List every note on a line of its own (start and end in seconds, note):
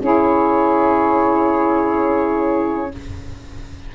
0.00 2.90 C#4
0.00 2.91 E4
0.00 2.92 G#4
0.00 2.95 C#5